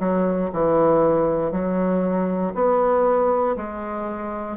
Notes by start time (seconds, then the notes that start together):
0.00 F#3
0.53 E3
1.52 F#3
2.55 B3
3.56 G#3